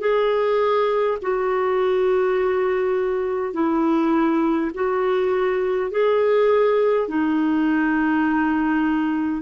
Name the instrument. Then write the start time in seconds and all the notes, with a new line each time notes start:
clarinet
0.00 G#4
1.22 F#4
3.53 E4
4.74 F#4
5.91 G#4
7.08 D#4